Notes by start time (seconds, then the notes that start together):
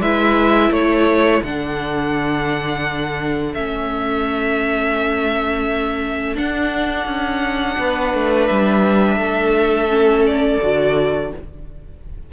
0.00 G#3 E4 B4 E5
0.71 A3 A4 C#5
1.42 D3 D4 F#5
3.54 A3 C#4 E5
6.35 D4 F#5
7.06 C#4
7.79 B3 B4
8.14 A3
8.47 G3 E5
9.17 A3 A4
9.89 C#4
10.26 D5
10.62 D3 F#4